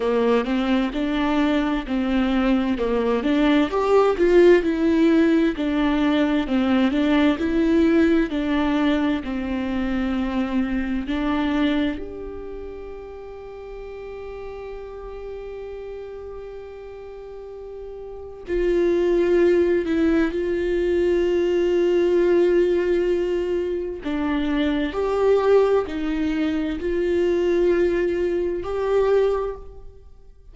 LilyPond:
\new Staff \with { instrumentName = "viola" } { \time 4/4 \tempo 4 = 65 ais8 c'8 d'4 c'4 ais8 d'8 | g'8 f'8 e'4 d'4 c'8 d'8 | e'4 d'4 c'2 | d'4 g'2.~ |
g'1 | f'4. e'8 f'2~ | f'2 d'4 g'4 | dis'4 f'2 g'4 | }